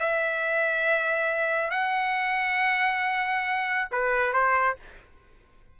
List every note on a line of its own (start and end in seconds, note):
0.00 1.71 E5
1.71 3.88 F#5
3.91 4.33 B4
4.33 4.76 C5